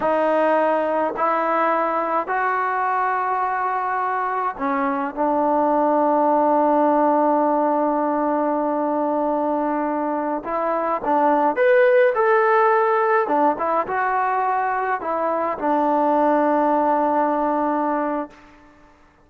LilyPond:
\new Staff \with { instrumentName = "trombone" } { \time 4/4 \tempo 4 = 105 dis'2 e'2 | fis'1 | cis'4 d'2.~ | d'1~ |
d'2~ d'16 e'4 d'8.~ | d'16 b'4 a'2 d'8 e'16~ | e'16 fis'2 e'4 d'8.~ | d'1 | }